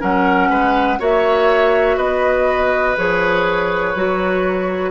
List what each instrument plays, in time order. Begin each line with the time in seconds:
0.00 bassoon F#3, clarinet C#4, oboe A#4, flute F#5
0.50 bassoon G#3, oboe B4
0.99 bassoon A#3, clarinet F#4, oboe C#5, flute E5
1.97 bassoon B3, oboe B4, flute D#5
2.98 bassoon F3, clarinet G#4, flute C#5
3.95 bassoon F#3, clarinet F#4